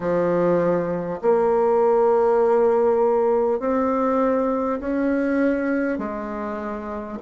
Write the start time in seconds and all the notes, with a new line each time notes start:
0.00 F3
1.21 A#3
3.59 C4
4.80 C#4
5.98 G#3